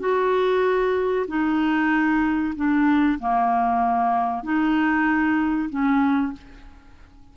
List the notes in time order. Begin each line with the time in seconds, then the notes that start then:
0.00 F#4
1.28 D#4
2.56 D4
3.20 A#3
4.44 D#4
5.70 C#4